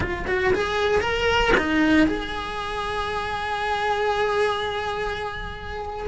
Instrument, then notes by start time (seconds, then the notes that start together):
cello
0.00 F4
0.27 F#4
0.53 G#4
1.00 A#4
1.57 D#4
2.06 G#4